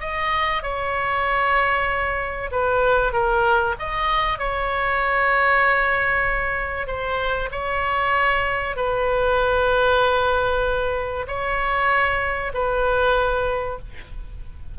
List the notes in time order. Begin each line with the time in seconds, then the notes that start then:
0.00 D#5
0.62 C#5
2.51 B4
3.12 A#4
3.78 D#5
4.38 C#5
6.86 C5
7.51 C#5
8.76 B4
11.27 C#5
12.53 B4